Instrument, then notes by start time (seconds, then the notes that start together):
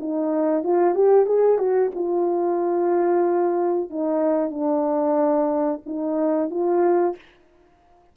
horn
0.00 D#4
0.64 F4
0.95 G4
1.26 G#4
1.59 F#4
1.95 F4
3.90 D#4
4.51 D4
5.86 D#4
6.51 F4